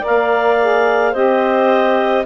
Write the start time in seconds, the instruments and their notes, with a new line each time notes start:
0.00 saxophone A#4, clarinet D5
0.06 bassoon A#3, clarinet F5
0.59 saxophone G#4
1.11 bassoon C4, saxophone G4, clarinet C5 D#5